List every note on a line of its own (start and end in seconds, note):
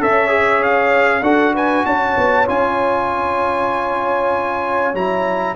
0.00 1.22 C#4
0.00 0.29 A4
0.00 1.23 C#5
0.00 0.64 E5
0.29 1.21 G#4
0.64 1.23 F5
1.22 1.84 D4
1.22 2.47 F#4
1.22 1.54 A4
1.22 1.54 F#5
1.54 1.85 B4
1.54 1.86 G#5
1.86 2.17 C#4
1.86 5.56 C#5
1.86 2.48 A5
2.17 2.48 B3
2.47 4.94 C#4
2.47 4.94 F4
2.47 4.95 G#5
4.94 5.56 F#3
4.94 5.56 E4
4.94 5.56 A#5